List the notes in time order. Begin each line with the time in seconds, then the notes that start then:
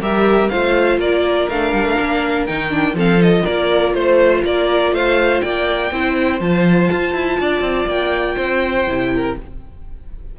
0.00 G3 G4 A#4 E5
0.49 A3 F4 C5 F5
0.98 A#3 A#4 D5
1.49 A3 D4 F5
1.73 G3
1.84 A3
2.00 A#3
2.46 D#3 D#4 G5
2.70 D4
2.93 F3 C4 A4 F5
3.20 F4 D#5
3.44 A#3 A#4 D5
3.94 A3 C5
4.43 A#3 A#4 D5
4.92 A3 C5 F5
5.41 A#3 D5 G5
5.91 C4 E4 C5
6.40 F3 F4 A5
6.91 F4
7.14 E4
7.40 D4 D5
7.61 C4
7.86 A#3 G5
8.36 C4 C5
8.86 C3 E4
9.14 A#4